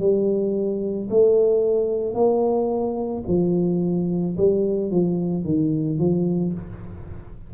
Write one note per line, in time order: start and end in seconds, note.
0.00 1.09 G3
1.10 2.15 A3
2.15 3.24 A#3
3.27 4.36 F3
4.37 4.91 G3
4.91 5.44 F3
5.44 5.99 D#3
5.99 6.54 F3